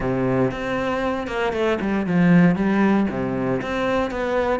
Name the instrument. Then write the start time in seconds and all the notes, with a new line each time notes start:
cello
0.00 C3
0.51 C4
1.27 A#3
1.52 A3
1.80 G3
2.06 F3
2.55 G3
3.09 C3
3.61 C4
4.10 B3